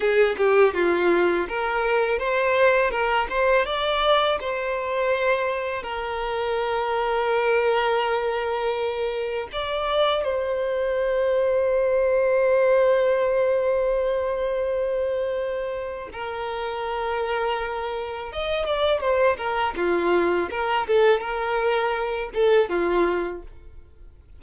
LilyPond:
\new Staff \with { instrumentName = "violin" } { \time 4/4 \tempo 4 = 82 gis'8 g'8 f'4 ais'4 c''4 | ais'8 c''8 d''4 c''2 | ais'1~ | ais'4 d''4 c''2~ |
c''1~ | c''2 ais'2~ | ais'4 dis''8 d''8 c''8 ais'8 f'4 | ais'8 a'8 ais'4. a'8 f'4 | }